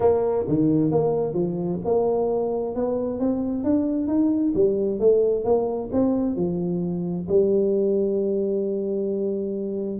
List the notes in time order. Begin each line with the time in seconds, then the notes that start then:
0.00 A#3
0.48 D#3
0.91 A#3
1.33 F3
1.85 A#3
2.75 B3
3.19 C4
3.64 D4
4.07 D#4
4.54 G3
4.99 A3
5.44 A#3
5.92 C4
6.36 F3
7.29 G3